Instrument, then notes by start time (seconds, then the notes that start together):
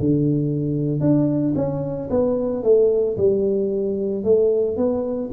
tuba
0.00 D3
1.01 D4
1.56 C#4
2.11 B3
2.63 A3
3.18 G3
4.25 A3
4.77 B3